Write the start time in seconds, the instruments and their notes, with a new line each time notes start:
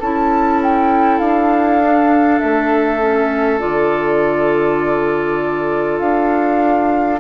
0.00 bassoon C#4, clarinet E4, oboe A4, flute A5
0.63 flute G5
1.20 bassoon D4, flute F5
1.83 clarinet D4
2.40 bassoon A3, flute E5
3.00 clarinet C#4
3.59 bassoon D3, clarinet F4, flute D5
6.00 bassoon D4, flute F5